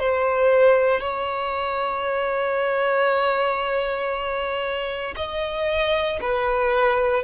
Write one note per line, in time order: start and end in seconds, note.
0.00 1.01 C5
1.01 5.15 C#5
5.17 6.20 D#5
6.21 7.24 B4